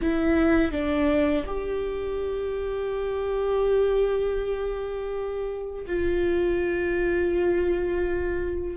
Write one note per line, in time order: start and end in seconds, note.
0.01 0.72 E4
0.72 1.45 D4
1.46 5.85 G4
5.86 8.76 F4